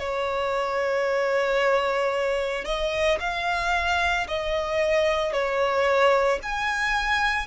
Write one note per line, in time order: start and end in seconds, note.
0.00 2.65 C#5
2.65 3.19 D#5
3.20 4.27 F5
4.28 5.33 D#5
5.33 6.40 C#5
6.43 7.48 G#5